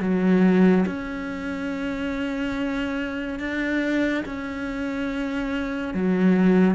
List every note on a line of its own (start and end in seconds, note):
0.00 0.85 F#3
0.86 3.39 C#4
3.39 4.24 D4
4.25 5.94 C#4
5.94 6.75 F#3